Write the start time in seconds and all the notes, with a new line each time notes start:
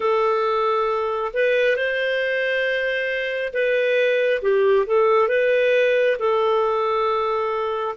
0.00 A4
1.33 B4
1.76 C5
3.53 B4
4.42 G4
4.86 A4
5.28 B4
6.19 A4